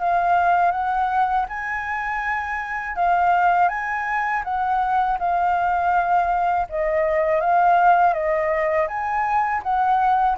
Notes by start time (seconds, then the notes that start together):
0.00 F5
0.72 F#5
1.49 G#5
2.96 F5
3.69 G#5
4.44 F#5
5.19 F5
6.70 D#5
7.40 F5
8.13 D#5
8.88 G#5
9.63 F#5